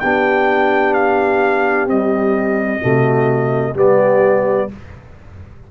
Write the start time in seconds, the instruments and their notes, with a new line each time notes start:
0.00 tuba B3, trombone D4, horn G4, trumpet G5
0.94 trumpet F5
1.87 trombone G3, tuba C4, trumpet D#5
2.81 tuba C3, trombone A3, horn F#4
3.75 tuba G3, trombone B3, horn G4, trumpet D5